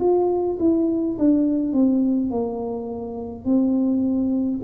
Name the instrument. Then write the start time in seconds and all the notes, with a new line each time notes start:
tuba
0.00 F4
0.59 E4
1.19 D4
1.73 C4
2.30 A#3
3.45 C4